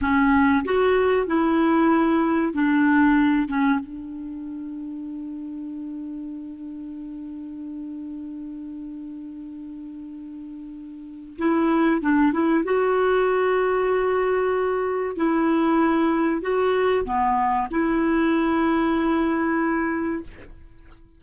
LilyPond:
\new Staff \with { instrumentName = "clarinet" } { \time 4/4 \tempo 4 = 95 cis'4 fis'4 e'2 | d'4. cis'8 d'2~ | d'1~ | d'1~ |
d'2 e'4 d'8 e'8 | fis'1 | e'2 fis'4 b4 | e'1 | }